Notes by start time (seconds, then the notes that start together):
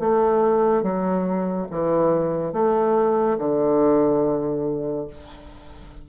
0.00 A3
0.83 F#3
1.71 E3
2.53 A3
3.39 D3